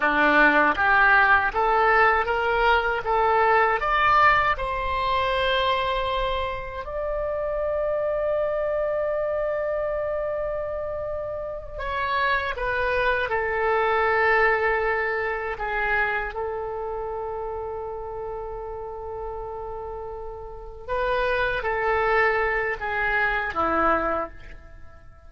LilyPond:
\new Staff \with { instrumentName = "oboe" } { \time 4/4 \tempo 4 = 79 d'4 g'4 a'4 ais'4 | a'4 d''4 c''2~ | c''4 d''2.~ | d''2.~ d''8 cis''8~ |
cis''8 b'4 a'2~ a'8~ | a'8 gis'4 a'2~ a'8~ | a'2.~ a'8 b'8~ | b'8 a'4. gis'4 e'4 | }